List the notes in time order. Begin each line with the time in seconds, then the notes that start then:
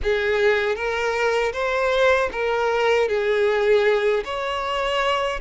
0.02 G#4
0.75 A#4
1.52 C5
2.31 A#4
3.08 G#4
4.24 C#5